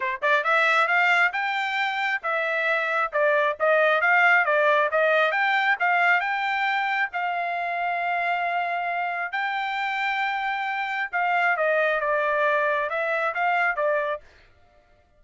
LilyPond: \new Staff \with { instrumentName = "trumpet" } { \time 4/4 \tempo 4 = 135 c''8 d''8 e''4 f''4 g''4~ | g''4 e''2 d''4 | dis''4 f''4 d''4 dis''4 | g''4 f''4 g''2 |
f''1~ | f''4 g''2.~ | g''4 f''4 dis''4 d''4~ | d''4 e''4 f''4 d''4 | }